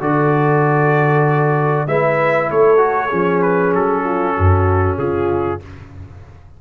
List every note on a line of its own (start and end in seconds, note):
0.00 1.87 D3
0.00 1.88 F#4
0.00 1.88 A4
0.00 1.88 D5
1.87 2.49 G#3
1.87 2.77 E4
1.87 2.50 B4
1.87 2.50 E5
2.51 3.12 A3
2.51 3.08 A4
2.51 3.42 C#5
2.77 3.09 F#4
3.08 3.74 F3
3.08 5.60 C#4
3.08 4.02 G#4
3.42 3.73 B4
3.74 4.37 F#3
3.74 4.98 A4
4.04 4.35 F4
4.36 4.98 F#2
4.36 4.99 F#4
4.98 5.61 C#3
4.98 5.61 F4
4.98 5.61 G#4